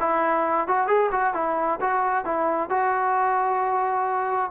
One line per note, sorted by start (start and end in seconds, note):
0.00 0.68 E4
0.68 0.87 F#4
0.87 1.10 G#4
1.11 1.34 F#4
1.34 1.80 E4
1.81 2.25 F#4
2.25 2.70 E4
2.70 4.51 F#4